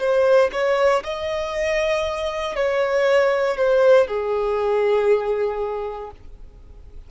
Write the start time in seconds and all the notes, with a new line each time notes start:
0.00 C5
0.53 C#5
1.04 D#5
2.56 C#5
3.58 C5
4.08 G#4